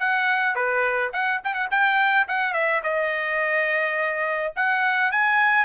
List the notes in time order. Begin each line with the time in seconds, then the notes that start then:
0.00 F#5
0.56 B4
1.13 F#5
1.44 G5
1.54 F#5
1.71 G5
2.28 F#5
2.53 E5
2.84 D#5
4.56 F#5
5.12 G#5